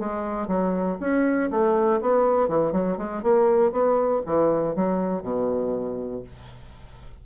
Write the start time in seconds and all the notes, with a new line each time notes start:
0.00 G#3
0.48 F#3
1.01 C#4
1.51 A3
2.02 B3
2.49 E3
2.73 F#3
2.98 G#3
3.23 A#3
3.72 B3
4.26 E3
4.76 F#3
5.23 B2